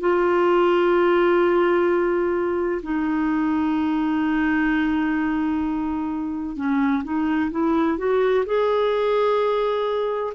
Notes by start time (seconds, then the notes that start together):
0.00 F4
2.83 D#4
6.56 C#4
7.04 D#4
7.51 E4
7.98 F#4
8.46 G#4